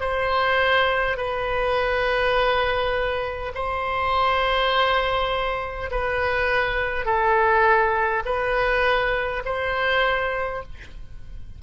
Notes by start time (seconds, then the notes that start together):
0.00 C5
1.17 B4
3.55 C5
5.91 B4
7.05 A4
8.25 B4
9.45 C5